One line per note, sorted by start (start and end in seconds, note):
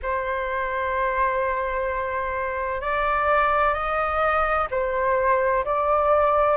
0.02 2.81 C5
2.81 3.74 D5
3.74 4.67 D#5
4.70 5.64 C5
5.65 6.57 D5